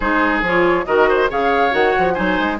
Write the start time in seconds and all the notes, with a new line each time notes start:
0.00 G#3 D#4 G#4 C5
0.41 F3 F4
0.47 C#5
0.85 D#3 F#4 A#4 D#5
1.08 C5
1.29 C#3 G#4 C#5 F5
1.70 D#3 F#4 F#5
1.98 F3
2.14 F#3 D#4 C5 G#5
2.39 G#3